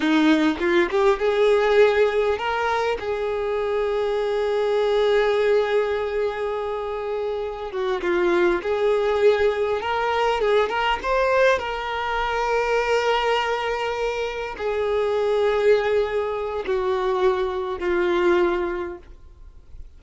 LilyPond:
\new Staff \with { instrumentName = "violin" } { \time 4/4 \tempo 4 = 101 dis'4 f'8 g'8 gis'2 | ais'4 gis'2.~ | gis'1~ | gis'4 fis'8 f'4 gis'4.~ |
gis'8 ais'4 gis'8 ais'8 c''4 ais'8~ | ais'1~ | ais'8 gis'2.~ gis'8 | fis'2 f'2 | }